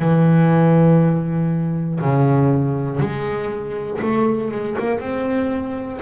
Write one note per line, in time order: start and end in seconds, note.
0.00 2.00 E3
2.00 3.00 C#3
3.00 4.00 G#3
4.01 4.51 A3
4.51 4.76 G#3
4.79 5.00 A#3
5.00 6.00 C4